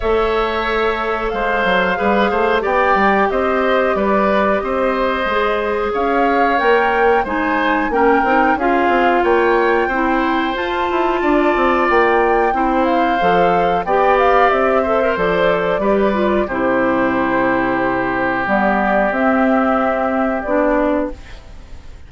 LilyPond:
<<
  \new Staff \with { instrumentName = "flute" } { \time 4/4 \tempo 4 = 91 e''2 f''2 | g''4 dis''4 d''4 dis''4~ | dis''4 f''4 g''4 gis''4 | g''4 f''4 g''2 |
a''2 g''4. f''8~ | f''4 g''8 f''8 e''4 d''4~ | d''4 c''2. | d''4 e''2 d''4 | }
  \new Staff \with { instrumentName = "oboe" } { \time 4/4 cis''2 c''4 b'8 c''8 | d''4 c''4 b'4 c''4~ | c''4 cis''2 c''4 | ais'4 gis'4 cis''4 c''4~ |
c''4 d''2 c''4~ | c''4 d''4. c''4. | b'4 g'2.~ | g'1 | }
  \new Staff \with { instrumentName = "clarinet" } { \time 4/4 a'2. gis'4 | g'1 | gis'2 ais'4 dis'4 | cis'8 dis'8 f'2 e'4 |
f'2. e'4 | a'4 g'4. a'16 ais'16 a'4 | g'8 f'8 e'2. | b4 c'2 d'4 | }
  \new Staff \with { instrumentName = "bassoon" } { \time 4/4 a2 gis8 fis8 g8 a8 | b8 g8 c'4 g4 c'4 | gis4 cis'4 ais4 gis4 | ais8 c'8 cis'8 c'8 ais4 c'4 |
f'8 e'8 d'8 c'8 ais4 c'4 | f4 b4 c'4 f4 | g4 c2. | g4 c'2 b4 | }
>>